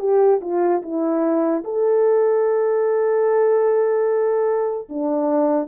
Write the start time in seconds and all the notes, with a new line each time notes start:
0.00 G4
0.42 F4
0.83 E4
1.65 A4
4.89 D4